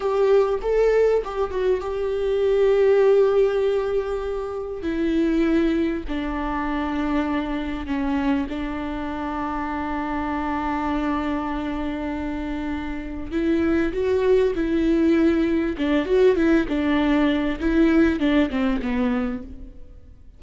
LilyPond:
\new Staff \with { instrumentName = "viola" } { \time 4/4 \tempo 4 = 99 g'4 a'4 g'8 fis'8 g'4~ | g'1 | e'2 d'2~ | d'4 cis'4 d'2~ |
d'1~ | d'2 e'4 fis'4 | e'2 d'8 fis'8 e'8 d'8~ | d'4 e'4 d'8 c'8 b4 | }